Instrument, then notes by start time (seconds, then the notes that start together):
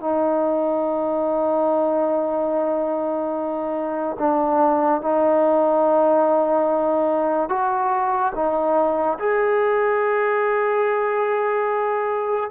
trombone
0.00 D#4
4.19 D4
5.01 D#4
7.49 F#4
8.34 D#4
9.19 G#4